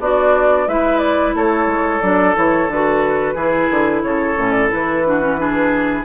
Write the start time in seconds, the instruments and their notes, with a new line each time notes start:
0.00 bassoon B3, oboe D4, clarinet F#4, flute D5
0.68 bassoon G#3, clarinet E4, oboe B4, flute E5
0.99 flute D5
1.34 bassoon A3, oboe A4, flute C#5
1.67 bassoon G#3
2.02 bassoon F#3, clarinet D4, flute D5
2.35 bassoon E3, clarinet E4, flute C#5
2.68 bassoon D3, clarinet F#4, flute B4
3.35 bassoon E3, clarinet E4, oboe G#4
3.71 bassoon D3
4.03 bassoon C#3, oboe A4, flute C#5
4.37 bassoon A2, clarinet C#4
4.52 flute D5
4.69 bassoon E3, clarinet E4, flute B4
5.06 clarinet D4, oboe F#4
5.21 clarinet C#4
5.38 clarinet D4, oboe G#4